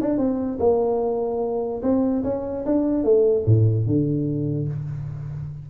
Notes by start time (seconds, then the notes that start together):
0.00 D4
0.17 C4
0.59 A#3
1.82 C4
2.23 C#4
2.65 D4
3.04 A3
3.46 A2
3.86 D3